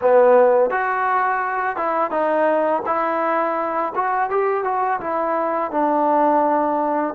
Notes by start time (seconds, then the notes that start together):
0.01 B3
0.70 F#4
1.76 E4
2.10 D#4
2.86 E4
3.95 F#4
4.30 G4
4.64 F#4
5.00 E4
5.71 D4